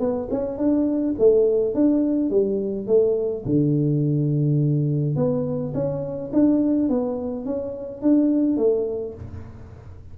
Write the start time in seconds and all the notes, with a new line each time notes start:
0.00 B3
0.31 C#4
0.58 D4
1.19 A3
1.74 D4
2.30 G3
2.87 A3
3.45 D3
5.16 B3
5.74 C#4
6.33 D4
6.89 B3
7.45 C#4
8.02 D4
8.57 A3